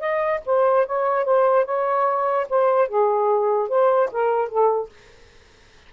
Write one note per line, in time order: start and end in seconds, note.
0.00 0.41 D#5
0.46 0.86 C5
0.86 1.25 C#5
1.25 1.65 C5
1.65 2.47 C#5
2.50 2.89 C5
2.89 3.69 G#4
3.69 4.10 C5
4.12 4.49 A#4
4.49 4.90 A4